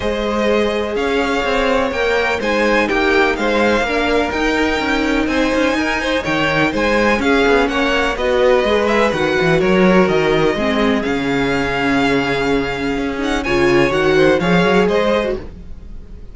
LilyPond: <<
  \new Staff \with { instrumentName = "violin" } { \time 4/4 \tempo 4 = 125 dis''2 f''2 | g''4 gis''4 g''4 f''4~ | f''4 g''2 gis''4~ | gis''4 g''4 gis''4 f''4 |
fis''4 dis''4. e''8 fis''4 | cis''4 dis''2 f''4~ | f''2.~ f''8 fis''8 | gis''4 fis''4 f''4 dis''4 | }
  \new Staff \with { instrumentName = "violin" } { \time 4/4 c''2 cis''2~ | cis''4 c''4 g'4 c''4 | ais'2. c''4 | ais'8 c''8 cis''4 c''4 gis'4 |
cis''4 b'2. | ais'2 gis'2~ | gis'1 | cis''4. c''8 cis''4 c''4 | }
  \new Staff \with { instrumentName = "viola" } { \time 4/4 gis'1 | ais'4 dis'2. | d'4 dis'2.~ | dis'2. cis'4~ |
cis'4 fis'4 gis'4 fis'4~ | fis'2 c'4 cis'4~ | cis'2.~ cis'8 dis'8 | f'4 fis'4 gis'4.~ gis'16 fis'16 | }
  \new Staff \with { instrumentName = "cello" } { \time 4/4 gis2 cis'4 c'4 | ais4 gis4 ais4 gis4 | ais4 dis'4 cis'4 c'8 cis'8 | dis'4 dis4 gis4 cis'8 b8 |
ais4 b4 gis4 dis8 e8 | fis4 dis4 gis4 cis4~ | cis2. cis'4 | cis4 dis4 f8 fis8 gis4 | }
>>